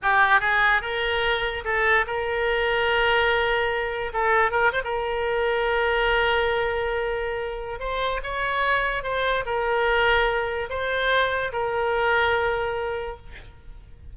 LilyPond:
\new Staff \with { instrumentName = "oboe" } { \time 4/4 \tempo 4 = 146 g'4 gis'4 ais'2 | a'4 ais'2.~ | ais'2 a'4 ais'8 c''16 ais'16~ | ais'1~ |
ais'2. c''4 | cis''2 c''4 ais'4~ | ais'2 c''2 | ais'1 | }